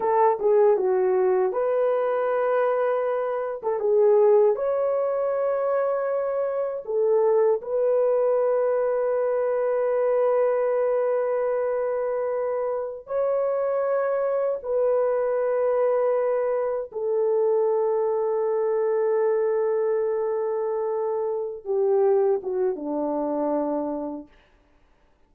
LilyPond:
\new Staff \with { instrumentName = "horn" } { \time 4/4 \tempo 4 = 79 a'8 gis'8 fis'4 b'2~ | b'8. a'16 gis'4 cis''2~ | cis''4 a'4 b'2~ | b'1~ |
b'4~ b'16 cis''2 b'8.~ | b'2~ b'16 a'4.~ a'16~ | a'1~ | a'8 g'4 fis'8 d'2 | }